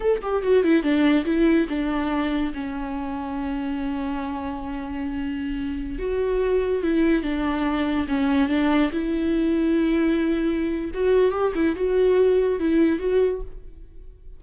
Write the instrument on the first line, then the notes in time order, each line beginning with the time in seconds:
viola
0.00 A4
0.22 G4
0.43 F#4
0.63 E4
0.82 D4
1.25 E4
1.69 D4
2.54 C#4
5.98 F#4
6.83 E4
7.23 D4
8.08 C#4
8.49 D4
8.92 E4
10.94 F#4
11.31 G4
11.55 E4
11.75 F#4
12.59 E4
12.99 F#4